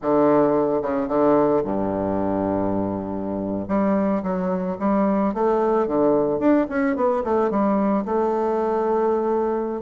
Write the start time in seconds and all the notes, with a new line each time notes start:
0.02 D3
0.82 C#3
1.08 D3
1.64 G2
3.68 G3
4.22 F#3
4.79 G3
5.34 A3
5.87 D3
6.39 D4
6.69 C#4
6.95 B3
7.24 A3
7.50 G3
8.05 A3